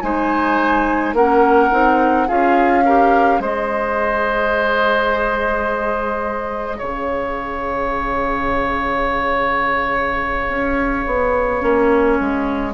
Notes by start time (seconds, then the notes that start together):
0.00 G#3 D#4 C5 G#5
1.13 A#3 C#4 A#4 F#5
1.70 C4 D#4
2.27 C#4 F4 G#4 F5
2.84 G4 A#4
3.39 G#3 G#4 C5 D#5
6.77 C#3 C#5 F5
10.48 C#4
11.06 B3
11.59 A#3 C#4
12.20 G#3